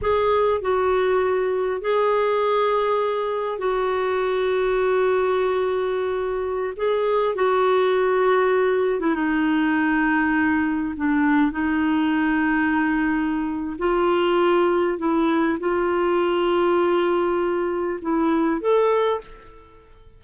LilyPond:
\new Staff \with { instrumentName = "clarinet" } { \time 4/4 \tempo 4 = 100 gis'4 fis'2 gis'4~ | gis'2 fis'2~ | fis'2.~ fis'16 gis'8.~ | gis'16 fis'2~ fis'8. e'16 dis'8.~ |
dis'2~ dis'16 d'4 dis'8.~ | dis'2. f'4~ | f'4 e'4 f'2~ | f'2 e'4 a'4 | }